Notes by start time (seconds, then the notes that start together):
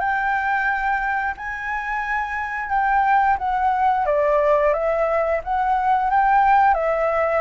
0.00 G5
1.37 G#5
2.70 G5
3.39 F#5
4.06 D5
4.74 E5
5.44 F#5
6.10 G5
6.74 E5